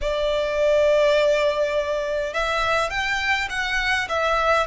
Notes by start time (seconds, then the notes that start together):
0.01 D5
2.33 E5
2.90 G5
3.49 F#5
4.08 E5